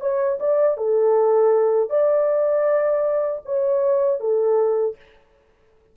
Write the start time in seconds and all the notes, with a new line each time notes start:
0.00 C#5
0.39 D5
0.77 A4
1.89 D5
3.45 C#5
4.19 A4